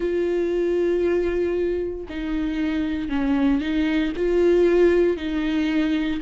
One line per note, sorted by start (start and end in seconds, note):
0.00 2.05 F4
2.09 3.08 D#4
3.08 3.60 C#4
3.61 4.12 D#4
4.16 5.16 F4
5.16 6.20 D#4